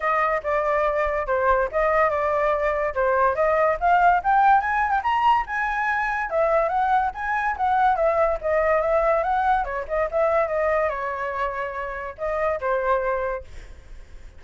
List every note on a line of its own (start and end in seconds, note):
0.00 0.41 D#5
0.43 1.26 D5
1.26 1.68 C5
1.71 2.10 D#5
2.10 2.94 D5
2.94 3.35 C5
3.35 3.77 D#5
3.80 4.21 F5
4.23 4.60 G5
4.60 4.90 G#5
4.90 5.01 G5
5.03 5.45 A#5
5.46 6.30 G#5
6.30 6.68 E5
6.68 7.10 F#5
7.14 7.56 G#5
7.56 7.95 F#5
7.95 8.37 E5
8.41 8.81 D#5
8.81 9.23 E5
9.23 9.64 F#5
9.64 9.85 C#5
9.88 10.09 D#5
10.11 10.47 E5
10.47 10.89 D#5
10.89 12.15 C#5
12.18 12.60 D#5
12.60 13.44 C5